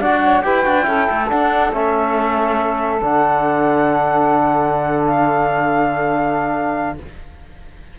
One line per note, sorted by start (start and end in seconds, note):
0.00 0.43 D4
0.00 0.43 F#4
0.00 0.21 D5
0.00 0.42 F#5
0.24 0.44 C#5
0.42 0.66 E4
0.42 0.65 G4
0.42 0.87 B4
0.42 1.28 G5
0.65 0.87 D4
0.65 0.83 F#4
0.83 1.08 C#4
0.83 1.25 E4
0.83 6.98 A4
1.10 1.32 A3
1.29 1.72 D4
1.29 1.73 D4
1.29 1.72 F#5
1.73 3.01 A3
1.73 3.02 C#4
1.73 3.02 E5
3.02 6.99 D3
3.02 6.98 D4
3.02 5.06 F#5
5.06 6.99 F5